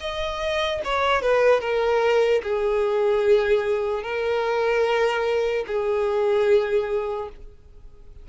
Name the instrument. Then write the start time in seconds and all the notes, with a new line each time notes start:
violin
0.00 D#5
0.84 C#5
1.22 B4
1.61 A#4
2.43 G#4
4.03 A#4
5.67 G#4